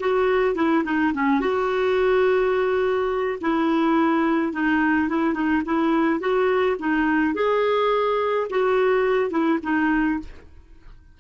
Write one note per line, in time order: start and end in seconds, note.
0.00 0.55 F#4
0.55 0.84 E4
0.84 1.13 D#4
1.14 1.41 C#4
1.41 3.39 F#4
3.41 4.53 E4
4.53 5.09 D#4
5.09 5.34 E4
5.34 5.62 D#4
5.65 6.20 E4
6.20 6.77 F#4
6.80 7.34 D#4
7.34 8.48 G#4
8.50 9.30 F#4
9.30 9.59 E4
9.63 10.20 D#4